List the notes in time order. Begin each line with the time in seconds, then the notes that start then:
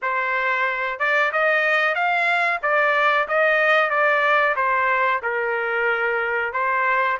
0.02 C5
0.99 D5
1.32 D#5
1.94 F5
2.62 D5
3.28 D#5
3.90 D5
4.55 C5
5.22 A#4
6.52 C5